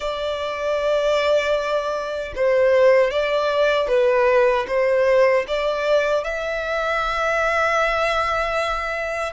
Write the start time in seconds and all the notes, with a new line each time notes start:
0.00 D5
2.36 C5
3.10 D5
3.87 B4
4.67 C5
5.47 D5
6.23 E5